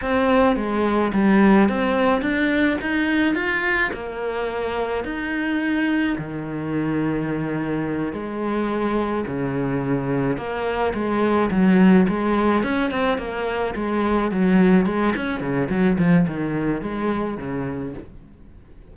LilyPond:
\new Staff \with { instrumentName = "cello" } { \time 4/4 \tempo 4 = 107 c'4 gis4 g4 c'4 | d'4 dis'4 f'4 ais4~ | ais4 dis'2 dis4~ | dis2~ dis8 gis4.~ |
gis8 cis2 ais4 gis8~ | gis8 fis4 gis4 cis'8 c'8 ais8~ | ais8 gis4 fis4 gis8 cis'8 cis8 | fis8 f8 dis4 gis4 cis4 | }